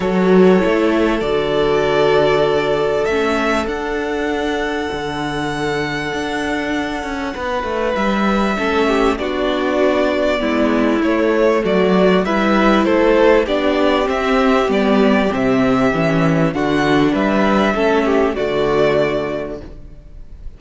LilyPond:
<<
  \new Staff \with { instrumentName = "violin" } { \time 4/4 \tempo 4 = 98 cis''2 d''2~ | d''4 e''4 fis''2~ | fis''1~ | fis''4 e''2 d''4~ |
d''2 cis''4 d''4 | e''4 c''4 d''4 e''4 | d''4 e''2 fis''4 | e''2 d''2 | }
  \new Staff \with { instrumentName = "violin" } { \time 4/4 a'1~ | a'1~ | a'1 | b'2 a'8 g'8 fis'4~ |
fis'4 e'2 fis'4 | b'4 a'4 g'2~ | g'2. fis'4 | b'4 a'8 g'8 fis'2 | }
  \new Staff \with { instrumentName = "viola" } { \time 4/4 fis'4 e'4 fis'2~ | fis'4 cis'4 d'2~ | d'1~ | d'2 cis'4 d'4~ |
d'4 b4 a2 | e'2 d'4 c'4 | b4 c'4 cis'4 d'4~ | d'4 cis'4 a2 | }
  \new Staff \with { instrumentName = "cello" } { \time 4/4 fis4 a4 d2~ | d4 a4 d'2 | d2 d'4. cis'8 | b8 a8 g4 a4 b4~ |
b4 gis4 a4 fis4 | g4 a4 b4 c'4 | g4 c4 e4 d4 | g4 a4 d2 | }
>>